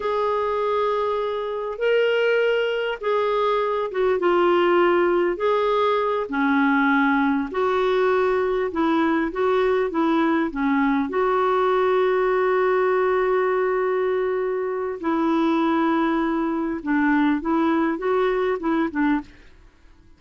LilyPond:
\new Staff \with { instrumentName = "clarinet" } { \time 4/4 \tempo 4 = 100 gis'2. ais'4~ | ais'4 gis'4. fis'8 f'4~ | f'4 gis'4. cis'4.~ | cis'8 fis'2 e'4 fis'8~ |
fis'8 e'4 cis'4 fis'4.~ | fis'1~ | fis'4 e'2. | d'4 e'4 fis'4 e'8 d'8 | }